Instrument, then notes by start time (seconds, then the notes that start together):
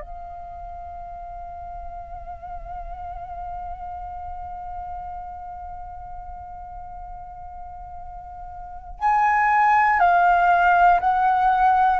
flute
0.00 F5
9.00 G#5
9.99 F5
11.00 F#5